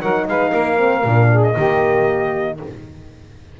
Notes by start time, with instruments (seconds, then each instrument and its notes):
0.00 double bass F#3, horn D#4, saxophone A#4, trumpet F#5
0.27 double bass G#3, saxophone B4, trumpet F5
0.50 double bass A#3, saxophone A#4
0.77 horn C4
1.04 double bass A#2, horn D4
1.31 saxophone G#4
1.42 trumpet D#5
1.54 double bass D#3, horn A#3, saxophone G4